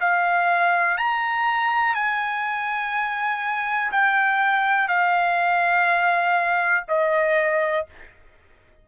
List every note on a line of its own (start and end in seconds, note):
0.00 0.97 F5
0.97 1.94 A#5
1.94 3.91 G#5
3.92 4.88 G5
4.88 6.85 F5
6.88 7.86 D#5